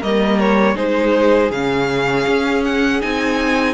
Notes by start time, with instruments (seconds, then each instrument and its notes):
0.00 cello G3, viola A#3, violin A#4 D#5
0.39 violin C#5
0.75 cello G#3, viola D#4, violin G#4 C5
1.50 cello C#3, viola C#4, violin F5
2.27 cello C#4
2.64 violin F#5
3.01 cello C4, viola D#4, violin G#5